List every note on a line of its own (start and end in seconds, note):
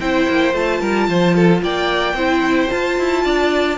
0.00 0.27 C4
0.00 0.53 E4
0.00 0.81 C5
0.00 0.55 G5
0.28 0.54 A#3
0.53 0.81 A3
0.53 2.15 F4
0.53 1.63 A5
0.81 1.08 G3
0.81 1.08 A#4
1.08 1.62 F3
1.08 1.35 C5
1.35 1.62 A4
1.62 2.14 A#3
1.62 2.15 D5
1.62 2.71 G5
2.14 2.68 C4
2.14 2.69 E4
2.14 3.23 C5
2.69 3.77 F4
2.69 2.99 F4
2.69 3.78 A5
2.99 3.25 E4
3.25 3.78 D4
3.25 3.78 D5